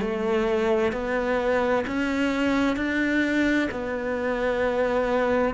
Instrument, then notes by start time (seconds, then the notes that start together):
cello
0.00 A3
0.92 B3
1.86 C#4
2.76 D4
3.71 B3